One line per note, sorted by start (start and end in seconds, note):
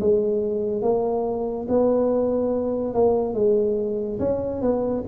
0.00 0.82 G#3
0.82 1.66 A#3
1.69 2.94 B3
2.94 3.34 A#3
3.34 4.19 G#3
4.19 4.62 C#4
4.62 5.04 B3